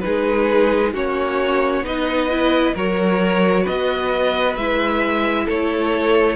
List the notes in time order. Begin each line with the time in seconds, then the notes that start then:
0.00 G#3 D#4 G#4 B4
0.93 A#3 C#4 F#4 C#5
1.81 B3 D#4 B4 D#5
2.30 E4
2.74 F#3 F#4 A#4 C#5
3.63 B3 B4 D#5
4.56 G#3 E4 E5
5.45 A3 A4 C#5